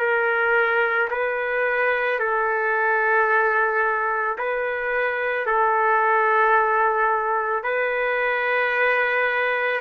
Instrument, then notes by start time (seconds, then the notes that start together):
trumpet
0.00 A#4
1.11 B4
2.20 A4
4.38 B4
5.46 A4
7.64 B4